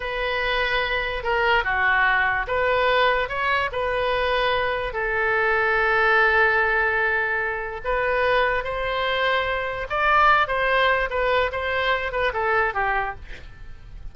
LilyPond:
\new Staff \with { instrumentName = "oboe" } { \time 4/4 \tempo 4 = 146 b'2. ais'4 | fis'2 b'2 | cis''4 b'2. | a'1~ |
a'2. b'4~ | b'4 c''2. | d''4. c''4. b'4 | c''4. b'8 a'4 g'4 | }